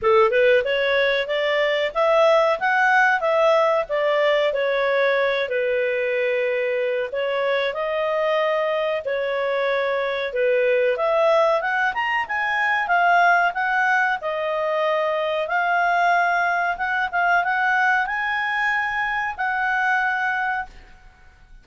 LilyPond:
\new Staff \with { instrumentName = "clarinet" } { \time 4/4 \tempo 4 = 93 a'8 b'8 cis''4 d''4 e''4 | fis''4 e''4 d''4 cis''4~ | cis''8 b'2~ b'8 cis''4 | dis''2 cis''2 |
b'4 e''4 fis''8 ais''8 gis''4 | f''4 fis''4 dis''2 | f''2 fis''8 f''8 fis''4 | gis''2 fis''2 | }